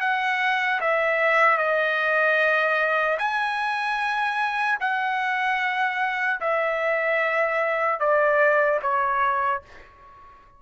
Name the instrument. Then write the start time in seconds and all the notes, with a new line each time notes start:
trumpet
0.00 F#5
0.80 E5
1.58 D#5
3.19 G#5
4.80 F#5
6.40 E5
8.00 D5
8.82 C#5